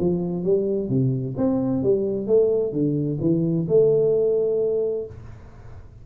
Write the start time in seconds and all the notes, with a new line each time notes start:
0.00 F3
0.44 G3
0.89 C3
1.37 C4
1.83 G3
2.27 A3
2.73 D3
3.21 E3
3.68 A3